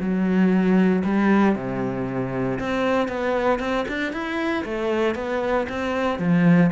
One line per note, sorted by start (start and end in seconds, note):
0.00 1.03 F#3
1.05 1.56 G3
1.56 2.59 C3
2.60 3.08 C4
3.08 3.60 B3
3.60 3.86 C4
3.88 4.13 D4
4.13 4.64 E4
4.65 5.15 A3
5.15 5.67 B3
5.69 6.19 C4
6.19 6.71 F3